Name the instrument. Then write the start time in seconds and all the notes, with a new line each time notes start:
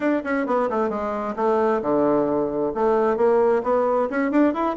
bassoon
0.00 D4
0.24 C#4
0.46 B3
0.69 A3
0.89 G#3
1.36 A3
1.82 D3
2.74 A3
3.17 A#3
3.63 B3
4.10 C#4
4.31 D4
4.53 E4